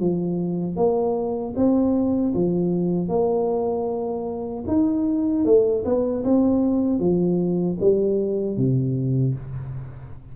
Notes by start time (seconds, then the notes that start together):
0.00 F3
0.76 A#3
1.56 C4
2.34 F3
3.09 A#3
4.68 D#4
5.45 A3
5.85 B3
6.24 C4
7.00 F3
7.80 G3
8.57 C3